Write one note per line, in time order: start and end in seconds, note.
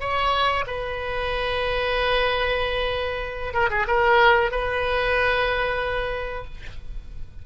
0.00 0.65 C#5
0.67 3.53 B4
3.53 3.70 A#4
3.70 3.86 G#4
3.87 4.51 A#4
4.51 6.45 B4